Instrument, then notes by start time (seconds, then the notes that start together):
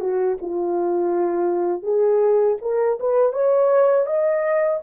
horn
0.00 F#4
0.41 F4
1.82 G#4
2.61 A#4
3.00 B4
3.32 C#5
4.06 D#5